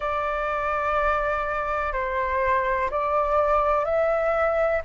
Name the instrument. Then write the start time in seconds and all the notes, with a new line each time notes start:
flute
0.00 D5
1.92 C5
2.90 D5
3.84 E5